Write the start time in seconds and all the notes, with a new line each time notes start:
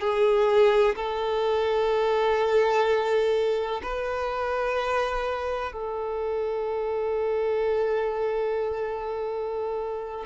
0.00 G#4
0.95 A4
3.82 B4
5.72 A4